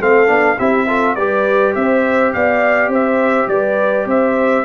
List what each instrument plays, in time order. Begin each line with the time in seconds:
0.00 tuba A3, trombone C4, horn A4, trumpet F5
0.27 tuba B3, trombone D4
0.57 tuba C4, trombone E4, horn G4, trumpet E5
0.87 trombone F4, horn A4
1.15 tuba G3, trombone G4, horn B4, trumpet D5
1.75 tuba C4, horn C5, trumpet E5
2.33 tuba B3, horn D5, trumpet F5
2.88 tuba C4, horn C5, trumpet E5
3.48 tuba G3, horn B4, trumpet D5
4.06 tuba C4, horn C5, trumpet E5